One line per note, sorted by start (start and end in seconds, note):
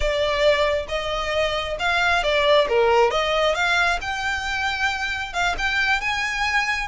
0.00 0.86 D5
0.88 1.77 D#5
1.79 2.23 F5
2.23 2.67 D5
2.68 3.10 A#4
3.10 3.54 D#5
3.54 3.99 F5
4.01 5.33 G5
5.33 5.55 F5
5.58 6.00 G5
6.00 6.87 G#5